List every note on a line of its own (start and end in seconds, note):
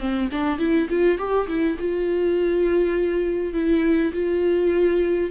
0.00 0.29 C4
0.32 0.59 D4
0.59 0.88 E4
0.90 1.18 F4
1.18 1.48 G4
1.48 1.77 E4
1.79 3.54 F4
3.54 4.13 E4
4.13 5.31 F4